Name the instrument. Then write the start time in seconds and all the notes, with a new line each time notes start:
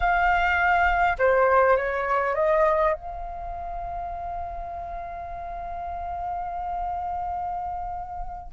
flute
0.00 F5
1.18 C5
1.76 C#5
2.34 D#5
2.93 F5